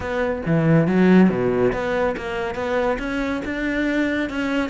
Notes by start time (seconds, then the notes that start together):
0.00 B3
0.46 E3
0.87 F#3
1.29 B2
1.73 B3
2.16 A#3
2.54 B3
2.99 C#4
3.44 D4
4.29 C#4